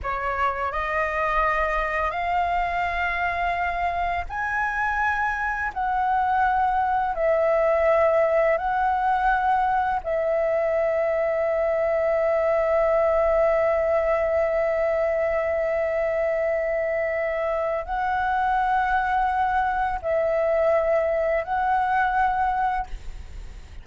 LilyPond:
\new Staff \with { instrumentName = "flute" } { \time 4/4 \tempo 4 = 84 cis''4 dis''2 f''4~ | f''2 gis''2 | fis''2 e''2 | fis''2 e''2~ |
e''1~ | e''1~ | e''4 fis''2. | e''2 fis''2 | }